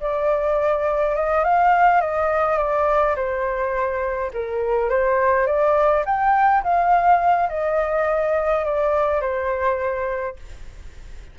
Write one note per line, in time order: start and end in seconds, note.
0.00 1.15 D5
1.15 1.44 D#5
1.44 2.01 F5
2.01 2.58 D#5
2.58 3.15 D5
3.16 4.31 C5
4.33 4.89 A#4
4.89 5.46 C5
5.46 6.04 D5
6.05 6.63 G5
6.63 7.49 F5
7.49 8.65 D#5
8.65 9.21 D5
9.21 10.36 C5